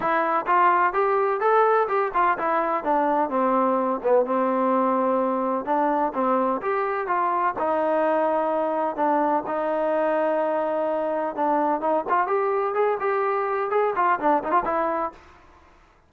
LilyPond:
\new Staff \with { instrumentName = "trombone" } { \time 4/4 \tempo 4 = 127 e'4 f'4 g'4 a'4 | g'8 f'8 e'4 d'4 c'4~ | c'8 b8 c'2. | d'4 c'4 g'4 f'4 |
dis'2. d'4 | dis'1 | d'4 dis'8 f'8 g'4 gis'8 g'8~ | g'4 gis'8 f'8 d'8 dis'16 f'16 e'4 | }